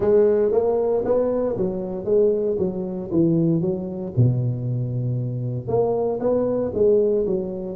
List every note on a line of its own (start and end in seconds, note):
0.00 0.51 G#3
0.51 1.03 A#3
1.04 1.56 B3
1.56 2.05 F#3
2.05 2.56 G#3
2.58 3.10 F#3
3.11 3.61 E3
3.61 4.12 F#3
4.16 5.67 B2
5.67 6.19 A#3
6.20 6.71 B3
6.74 7.25 G#3
7.26 7.76 F#3